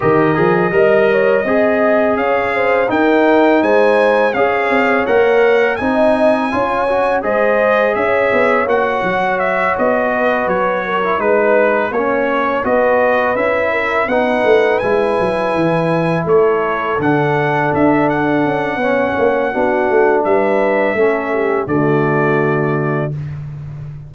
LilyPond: <<
  \new Staff \with { instrumentName = "trumpet" } { \time 4/4 \tempo 4 = 83 dis''2. f''4 | g''4 gis''4 f''4 fis''4 | gis''2 dis''4 e''4 | fis''4 e''8 dis''4 cis''4 b'8~ |
b'8 cis''4 dis''4 e''4 fis''8~ | fis''8 gis''2 cis''4 fis''8~ | fis''8 e''8 fis''2. | e''2 d''2 | }
  \new Staff \with { instrumentName = "horn" } { \time 4/4 ais'4 dis''8 cis''8 dis''4 cis''8 c''8 | ais'4 c''4 cis''2 | dis''4 cis''4 c''4 cis''4~ | cis''2 b'4 ais'8 b'8~ |
b'8 cis''4 b'4. ais'8 b'8~ | b'2~ b'8 a'4.~ | a'2 cis''4 fis'4 | b'4 a'8 g'8 fis'2 | }
  \new Staff \with { instrumentName = "trombone" } { \time 4/4 g'8 gis'8 ais'4 gis'2 | dis'2 gis'4 ais'4 | dis'4 f'8 fis'8 gis'2 | fis'2.~ fis'16 e'16 dis'8~ |
dis'8 cis'4 fis'4 e'4 dis'8~ | dis'8 e'2. d'8~ | d'2 cis'4 d'4~ | d'4 cis'4 a2 | }
  \new Staff \with { instrumentName = "tuba" } { \time 4/4 dis8 f8 g4 c'4 cis'4 | dis'4 gis4 cis'8 c'8 ais4 | c'4 cis'4 gis4 cis'8 b8 | ais8 fis4 b4 fis4 gis8~ |
gis8 ais4 b4 cis'4 b8 | a8 gis8 fis8 e4 a4 d8~ | d8 d'4 cis'8 b8 ais8 b8 a8 | g4 a4 d2 | }
>>